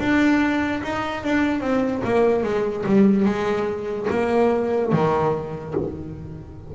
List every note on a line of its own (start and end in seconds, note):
0.00 0.82 D4
0.84 1.24 D#4
1.24 1.61 D4
1.61 2.02 C4
2.05 2.44 A#3
2.44 2.85 G#3
2.86 3.26 G3
3.26 4.08 G#3
4.10 4.92 A#3
4.92 5.75 D#3